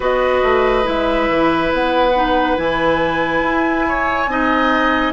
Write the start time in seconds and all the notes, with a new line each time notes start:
0.00 B3 F#4 B4 D#5
0.42 A3
0.83 G#3 E4 E5
1.28 E3
1.72 B3 F#5
2.15 D#4
2.56 E3 E4 G#5
3.41 E4
3.87 C#5
4.27 C4 D#4 D#5